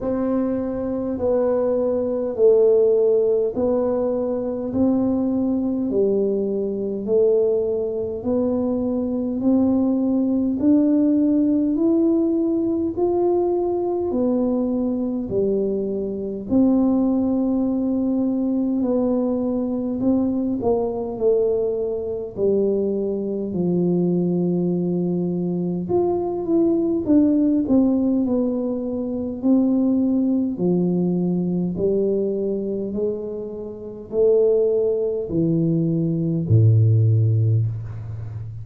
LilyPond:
\new Staff \with { instrumentName = "tuba" } { \time 4/4 \tempo 4 = 51 c'4 b4 a4 b4 | c'4 g4 a4 b4 | c'4 d'4 e'4 f'4 | b4 g4 c'2 |
b4 c'8 ais8 a4 g4 | f2 f'8 e'8 d'8 c'8 | b4 c'4 f4 g4 | gis4 a4 e4 a,4 | }